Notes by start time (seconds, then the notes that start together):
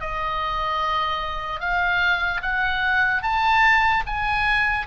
0.00 D#5
1.60 F5
2.42 F#5
3.22 A5
4.06 G#5